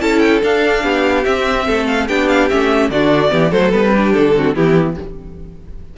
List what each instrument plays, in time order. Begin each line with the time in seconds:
0.00 cello C#4, viola E4, violin A4 A5
0.19 violin G5
0.41 viola D4, cello D4, violin F5
0.83 cello B3, violin G4
1.24 viola C4, cello C4, violin E5
1.66 cello A3, violin A4
1.86 violin F5
2.07 cello B3, viola D4, violin G4 G5
2.28 violin F5
2.49 cello A3, viola C#4, violin E5
2.89 cello D3, viola D4, violin F#4 D5
3.29 cello E3, viola B3, violin G4
3.50 cello F#3, viola A3, violin A4 C5
3.71 cello G3, viola B3, violin B4
3.85 viola C4
3.92 viola D4, violin G4
4.13 cello D3, violin A4
4.35 viola C4, violin F#4
4.55 cello E3, viola B3, violin E4 G4